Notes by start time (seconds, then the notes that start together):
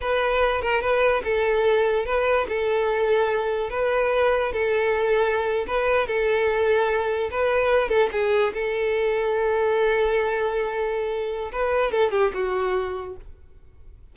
0.00 B4
0.61 A#4
0.81 B4
1.24 A4
2.05 B4
2.48 A4
3.70 B4
4.52 A4
5.67 B4
6.06 A4
7.30 B4
7.88 A4
8.12 G#4
8.53 A4
11.52 B4
11.91 A4
12.11 G4
12.33 F#4